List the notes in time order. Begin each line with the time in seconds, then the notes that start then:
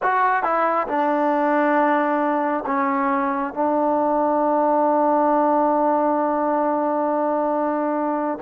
0.02 F#4
0.43 E4
0.87 D4
2.66 C#4
3.53 D4